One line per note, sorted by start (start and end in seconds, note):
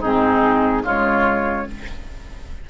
0.00 0.83 G#2
0.00 0.83 C4
0.00 0.82 D#4
0.00 0.84 G#4
0.83 1.66 C#3
0.83 1.66 G#3
0.83 1.66 F4
0.83 1.69 C#5